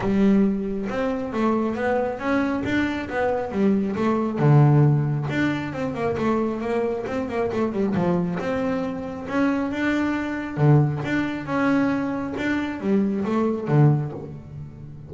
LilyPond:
\new Staff \with { instrumentName = "double bass" } { \time 4/4 \tempo 4 = 136 g2 c'4 a4 | b4 cis'4 d'4 b4 | g4 a4 d2 | d'4 c'8 ais8 a4 ais4 |
c'8 ais8 a8 g8 f4 c'4~ | c'4 cis'4 d'2 | d4 d'4 cis'2 | d'4 g4 a4 d4 | }